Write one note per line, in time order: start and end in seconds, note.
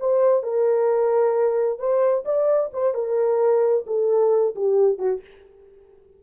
0.00 0.43 C5
0.43 1.79 A#4
1.79 2.25 C5
2.26 2.71 D5
2.74 2.95 C5
2.95 3.86 A#4
3.87 4.55 A4
4.56 4.99 G4
4.99 5.21 F#4